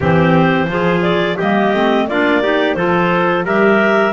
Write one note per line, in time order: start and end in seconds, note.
0.00 0.67 E3
0.00 0.68 C4
0.00 0.69 G4
0.00 1.02 C5
0.67 1.36 F3
0.67 1.37 F4
0.73 1.36 G#4
1.02 1.37 D5
1.36 1.73 G3
1.36 1.74 A#3
1.36 2.05 G4
1.36 2.07 D#5
1.73 2.08 A3
1.73 2.08 C4
2.08 2.75 A#3
2.08 2.42 D4
2.08 2.42 F4
2.08 2.75 D5
2.42 2.76 D#4
2.42 2.77 G4
2.75 3.44 F3
2.75 3.44 F4
2.75 3.45 A4
2.75 3.44 C5
3.44 4.12 G3
3.44 4.12 G4
3.44 4.12 A#4
3.44 4.12 E5